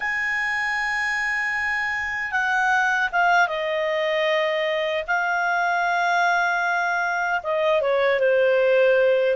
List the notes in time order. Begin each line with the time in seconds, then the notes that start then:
0.00 G#5
2.31 F#5
3.12 F5
3.48 D#5
5.06 F5
7.43 D#5
7.81 C#5
8.19 C5